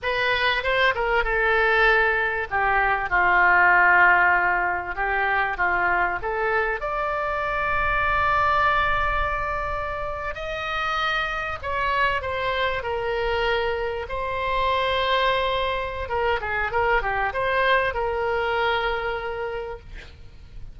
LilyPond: \new Staff \with { instrumentName = "oboe" } { \time 4/4 \tempo 4 = 97 b'4 c''8 ais'8 a'2 | g'4 f'2. | g'4 f'4 a'4 d''4~ | d''1~ |
d''8. dis''2 cis''4 c''16~ | c''8. ais'2 c''4~ c''16~ | c''2 ais'8 gis'8 ais'8 g'8 | c''4 ais'2. | }